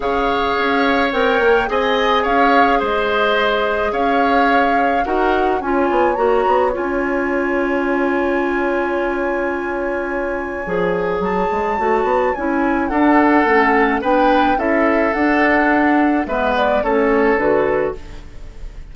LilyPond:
<<
  \new Staff \with { instrumentName = "flute" } { \time 4/4 \tempo 4 = 107 f''2 g''4 gis''4 | f''4 dis''2 f''4~ | f''4 fis''4 gis''4 ais''4 | gis''1~ |
gis''1 | a''2 gis''4 fis''4~ | fis''4 g''4 e''4 fis''4~ | fis''4 e''8 d''8 cis''4 b'4 | }
  \new Staff \with { instrumentName = "oboe" } { \time 4/4 cis''2. dis''4 | cis''4 c''2 cis''4~ | cis''4 ais'4 cis''2~ | cis''1~ |
cis''1~ | cis''2. a'4~ | a'4 b'4 a'2~ | a'4 b'4 a'2 | }
  \new Staff \with { instrumentName = "clarinet" } { \time 4/4 gis'2 ais'4 gis'4~ | gis'1~ | gis'4 fis'4 f'4 fis'4 | f'1~ |
f'2. gis'4~ | gis'4 fis'4 e'4 d'4 | cis'4 d'4 e'4 d'4~ | d'4 b4 cis'4 fis'4 | }
  \new Staff \with { instrumentName = "bassoon" } { \time 4/4 cis4 cis'4 c'8 ais8 c'4 | cis'4 gis2 cis'4~ | cis'4 dis'4 cis'8 b8 ais8 b8 | cis'1~ |
cis'2. f4 | fis8 gis8 a8 b8 cis'4 d'4 | a4 b4 cis'4 d'4~ | d'4 gis4 a4 d4 | }
>>